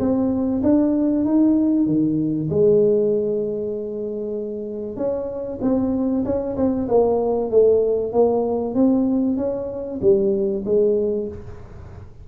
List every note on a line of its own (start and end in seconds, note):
0.00 0.62 C4
0.64 1.26 D4
1.26 1.87 D#4
1.87 2.49 D#3
2.50 4.97 G#3
4.97 5.60 C#4
5.62 6.24 C4
6.25 6.57 C#4
6.57 6.88 C4
6.88 7.51 A#3
7.51 8.13 A3
8.13 8.75 A#3
8.75 9.38 C4
9.38 10.00 C#4
10.02 10.64 G3
10.66 11.28 G#3